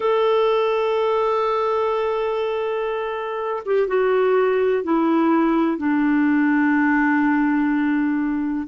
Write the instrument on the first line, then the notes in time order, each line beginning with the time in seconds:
clarinet
0.00 A4
3.65 G4
3.87 F#4
4.83 E4
5.77 D4